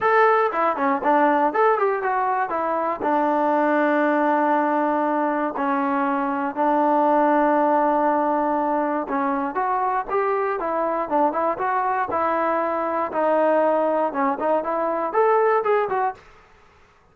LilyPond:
\new Staff \with { instrumentName = "trombone" } { \time 4/4 \tempo 4 = 119 a'4 e'8 cis'8 d'4 a'8 g'8 | fis'4 e'4 d'2~ | d'2. cis'4~ | cis'4 d'2.~ |
d'2 cis'4 fis'4 | g'4 e'4 d'8 e'8 fis'4 | e'2 dis'2 | cis'8 dis'8 e'4 a'4 gis'8 fis'8 | }